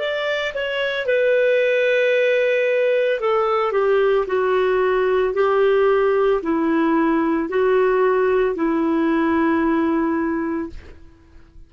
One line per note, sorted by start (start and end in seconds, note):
0.00 0.54 D5
0.55 1.07 C#5
1.07 3.21 B4
3.21 3.73 A4
3.73 4.26 G4
4.28 5.34 F#4
5.34 6.41 G4
6.43 7.50 E4
7.50 8.56 F#4
8.56 10.70 E4